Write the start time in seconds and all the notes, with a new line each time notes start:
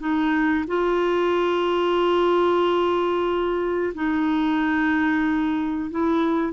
0.00 D#4
0.68 F4
3.95 D#4
5.91 E4